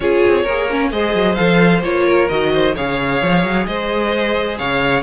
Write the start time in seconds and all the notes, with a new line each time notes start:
0.00 C#4 F4 G#4 C#5
0.27 C4
0.43 A#3 G#4 A#4
0.70 C#4
0.91 G#3 G#4 C5 D#5
1.13 F#3
1.34 F3 A4 F5
1.83 A#3 F4 C#5
2.06 A#4
2.29 D#3 F#4 D#5
2.52 C5
2.75 C#3 G#4 C#5 F5
3.21 F3
3.43 F#3
3.66 G#3 C5 D#5
4.57 C#3 C#5 F5